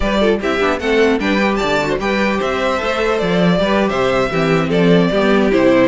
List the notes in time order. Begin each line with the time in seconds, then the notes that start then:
0.00 G3 G4 B4 D5
0.19 F4 A4
0.40 C4 E4 G4 E5
0.59 B3 D4
0.79 A3 C4 A4 F#5
1.19 G3 D4 B4 G5
1.39 G4
1.55 D5 A5
1.63 D3
1.82 F#4
1.88 C5
1.99 G3 G4 B4 G5
2.38 C4 C5 E5
2.77 A3 A4
3.18 F3 D5
3.57 G3 G4 B4
3.89 C3 C5 E5
4.30 E3 C4 G4
4.68 F3 A4 D5
5.10 G3 B3 G4
5.51 C3 E4 C5